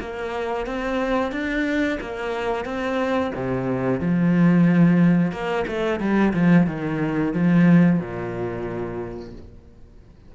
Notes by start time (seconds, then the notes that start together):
0.00 A#3
0.66 C4
1.32 D4
2.01 A#3
2.65 C4
3.35 C3
4.00 F3
5.32 A#3
5.67 A3
5.99 G3
6.33 F3
6.66 D#3
7.33 F3
7.99 A#2